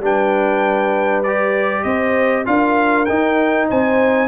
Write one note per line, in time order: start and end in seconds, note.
0.00 1.84 G3
0.00 1.25 D4
0.00 1.84 B4
0.00 1.24 G5
1.24 2.46 G4
1.24 1.84 D5
1.84 2.46 C4
1.84 2.45 C5
1.84 2.45 D#5
2.46 3.09 D4
2.46 3.07 F4
2.46 3.69 A#4
2.46 3.06 F5
3.06 4.28 D#4
3.06 3.71 D#4
3.06 3.67 G5
3.69 4.28 C4
3.69 4.28 C5
3.69 4.28 G#5